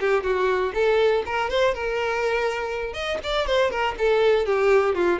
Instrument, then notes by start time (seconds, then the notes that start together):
violin
0.00 G4
0.23 F#4
0.74 A4
1.25 A#4
1.50 C5
1.74 A#4
2.93 D#5
3.23 D5
3.46 C5
3.70 A#4
3.98 A4
4.46 G4
4.95 F4